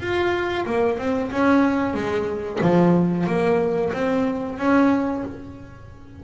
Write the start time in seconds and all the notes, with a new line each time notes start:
0.00 F4
0.66 A#3
0.98 C4
1.32 C#4
1.94 G#3
2.62 F3
3.27 A#3
3.93 C4
4.58 C#4